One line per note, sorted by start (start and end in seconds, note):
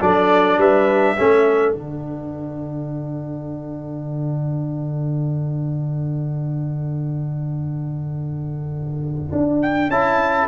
0.00 0.58 F#3
0.00 1.17 D4
0.00 0.59 A4
0.00 0.60 D5
0.58 1.16 G3
0.58 1.16 B4
0.58 1.73 E5
1.16 1.74 A3
1.16 1.73 C#4
1.16 10.48 A4
1.73 9.32 D3
1.73 9.89 D4
1.73 9.60 F#5
9.32 9.88 D4
9.62 9.90 G5
9.88 10.47 C#4
9.88 10.48 E4
9.88 10.48 A5